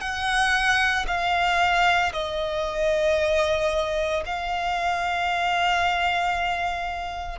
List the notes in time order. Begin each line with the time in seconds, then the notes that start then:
0.00 F#5
1.07 F5
2.12 D#5
4.25 F5